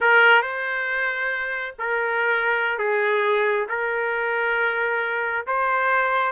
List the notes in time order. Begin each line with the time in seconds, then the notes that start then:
0.00 A#4
0.42 C5
1.78 A#4
2.78 G#4
3.68 A#4
5.46 C5